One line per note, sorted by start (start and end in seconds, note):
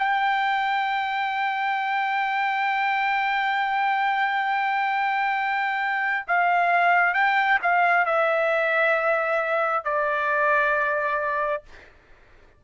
0.00 6.27 G5
6.28 7.14 F5
7.14 7.59 G5
7.63 8.06 F5
8.06 9.85 E5
9.85 11.64 D5